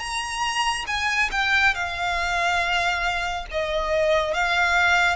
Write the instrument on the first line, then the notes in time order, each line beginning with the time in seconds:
violin
0.00 A#5
0.88 G#5
1.32 G5
1.75 F5
3.51 D#5
4.34 F5